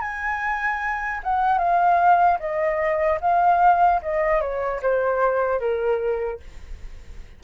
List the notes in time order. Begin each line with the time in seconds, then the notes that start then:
0.00 G#5
1.23 F#5
1.58 F5
2.39 D#5
3.21 F5
4.02 D#5
4.41 C#5
4.82 C5
5.59 A#4